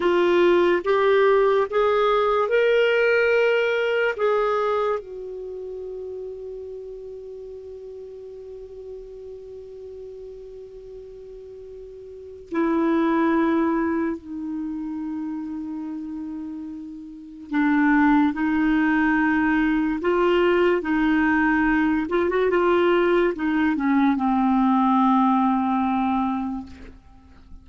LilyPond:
\new Staff \with { instrumentName = "clarinet" } { \time 4/4 \tempo 4 = 72 f'4 g'4 gis'4 ais'4~ | ais'4 gis'4 fis'2~ | fis'1~ | fis'2. e'4~ |
e'4 dis'2.~ | dis'4 d'4 dis'2 | f'4 dis'4. f'16 fis'16 f'4 | dis'8 cis'8 c'2. | }